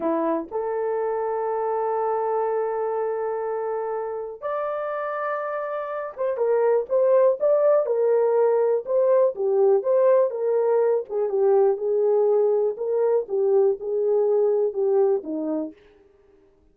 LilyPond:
\new Staff \with { instrumentName = "horn" } { \time 4/4 \tempo 4 = 122 e'4 a'2.~ | a'1~ | a'4 d''2.~ | d''8 c''8 ais'4 c''4 d''4 |
ais'2 c''4 g'4 | c''4 ais'4. gis'8 g'4 | gis'2 ais'4 g'4 | gis'2 g'4 dis'4 | }